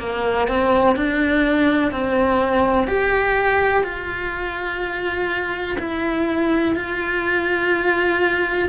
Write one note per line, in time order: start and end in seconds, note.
0.00 0.48 A#3
0.48 0.96 C4
0.96 1.92 D4
1.92 2.88 C4
2.88 3.84 G4
3.84 5.78 F4
5.79 6.76 E4
6.76 8.69 F4